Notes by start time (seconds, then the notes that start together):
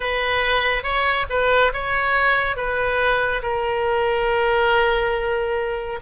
0.00 B4
0.83 C#5
1.29 B4
1.73 C#5
2.56 B4
3.42 A#4